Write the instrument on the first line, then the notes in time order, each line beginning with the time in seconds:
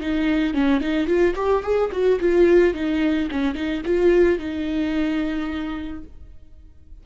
viola
0.00 D#4
0.53 C#4
0.80 D#4
1.06 F4
1.35 G4
1.63 G#4
1.92 F#4
2.20 F4
2.73 D#4
3.31 C#4
3.54 D#4
3.85 F4
4.38 D#4